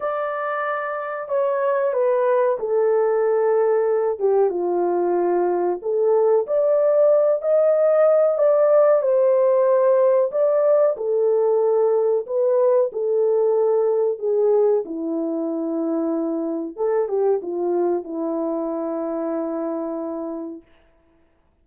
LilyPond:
\new Staff \with { instrumentName = "horn" } { \time 4/4 \tempo 4 = 93 d''2 cis''4 b'4 | a'2~ a'8 g'8 f'4~ | f'4 a'4 d''4. dis''8~ | dis''4 d''4 c''2 |
d''4 a'2 b'4 | a'2 gis'4 e'4~ | e'2 a'8 g'8 f'4 | e'1 | }